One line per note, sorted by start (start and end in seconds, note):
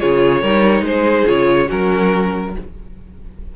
0.00 0.42 C#3
0.00 0.43 F4
0.00 0.42 G#4
0.00 0.85 C#5
0.42 0.82 G3
0.42 1.26 D#4
0.42 0.84 A#4
0.82 1.24 G#3
0.82 1.28 C5
0.88 1.68 G#4
1.26 1.70 C#3
1.26 1.67 F4
1.26 1.70 C#5
1.67 2.56 F#3
1.67 2.52 C#4
1.67 2.52 F#4
1.67 2.56 A#4